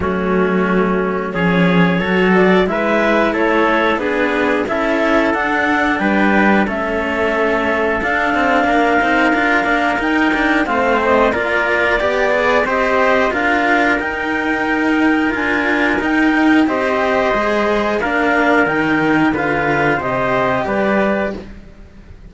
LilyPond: <<
  \new Staff \with { instrumentName = "clarinet" } { \time 4/4 \tempo 4 = 90 fis'2 cis''4. d''8 | e''4 cis''4 b'4 e''4 | fis''4 g''4 e''2 | f''2. g''4 |
f''8 dis''8 d''2 dis''4 | f''4 g''2 gis''4 | g''4 dis''2 f''4 | g''4 f''4 dis''4 d''4 | }
  \new Staff \with { instrumentName = "trumpet" } { \time 4/4 cis'2 gis'4 a'4 | b'4 a'4 gis'4 a'4~ | a'4 b'4 a'2~ | a'4 ais'2. |
c''4 ais'4 d''4 c''4 | ais'1~ | ais'4 c''2 ais'4~ | ais'4 b'4 c''4 b'4 | }
  \new Staff \with { instrumentName = "cello" } { \time 4/4 a2 cis'4 fis'4 | e'2 d'4 e'4 | d'2 cis'2 | d'4. dis'8 f'8 d'8 dis'8 d'8 |
c'4 f'4 g'8 gis'8 g'4 | f'4 dis'2 f'4 | dis'4 g'4 gis'4 d'4 | dis'4 f'4 g'2 | }
  \new Staff \with { instrumentName = "cello" } { \time 4/4 fis2 f4 fis4 | gis4 a4 b4 cis'4 | d'4 g4 a2 | d'8 c'8 ais8 c'8 d'8 ais8 dis'4 |
a4 ais4 b4 c'4 | d'4 dis'2 d'4 | dis'4 c'4 gis4 ais4 | dis4 d4 c4 g4 | }
>>